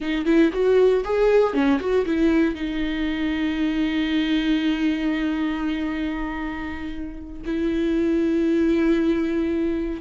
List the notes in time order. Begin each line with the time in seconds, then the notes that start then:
0.00 D#4
0.25 E4
0.52 F#4
1.04 G#4
1.53 C#4
1.79 F#4
2.05 E4
2.55 D#4
7.45 E4